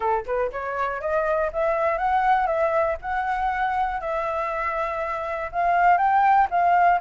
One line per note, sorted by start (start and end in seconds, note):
0.00 0.24 A4
0.26 0.51 B4
0.51 1.00 C#5
1.00 1.50 D#5
1.52 1.98 E5
1.98 2.46 F#5
2.46 2.96 E5
3.01 4.00 F#5
4.00 5.50 E5
5.52 5.97 F5
5.97 6.47 G5
6.50 7.00 F5